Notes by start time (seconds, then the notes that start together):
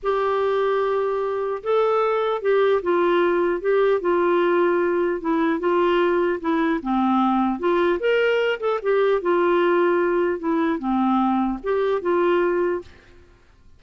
0.02 G4
1.63 A4
2.41 G4
2.82 F4
3.60 G4
4.00 F4
5.20 E4
5.59 F4
6.40 E4
6.82 C4
7.59 F4
7.99 A#4
8.59 A4
8.82 G4
9.21 F4
10.39 E4
10.78 C4
11.63 G4
12.01 F4